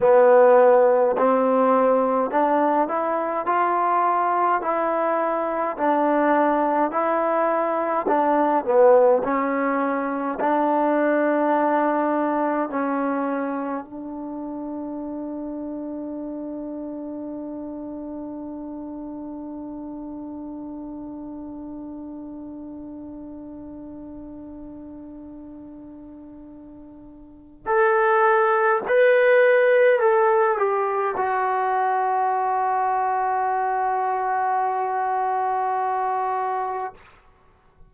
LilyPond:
\new Staff \with { instrumentName = "trombone" } { \time 4/4 \tempo 4 = 52 b4 c'4 d'8 e'8 f'4 | e'4 d'4 e'4 d'8 b8 | cis'4 d'2 cis'4 | d'1~ |
d'1~ | d'1 | a'4 b'4 a'8 g'8 fis'4~ | fis'1 | }